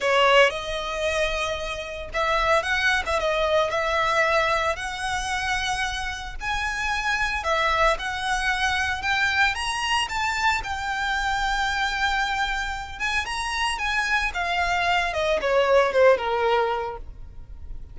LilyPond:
\new Staff \with { instrumentName = "violin" } { \time 4/4 \tempo 4 = 113 cis''4 dis''2. | e''4 fis''8. e''16 dis''4 e''4~ | e''4 fis''2. | gis''2 e''4 fis''4~ |
fis''4 g''4 ais''4 a''4 | g''1~ | g''8 gis''8 ais''4 gis''4 f''4~ | f''8 dis''8 cis''4 c''8 ais'4. | }